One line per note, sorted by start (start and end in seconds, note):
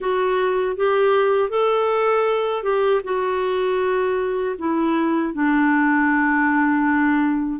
0.00 0.76 F#4
0.76 1.49 G4
1.49 2.63 A4
2.63 3.01 G4
3.04 4.56 F#4
4.58 5.33 E4
5.33 7.59 D4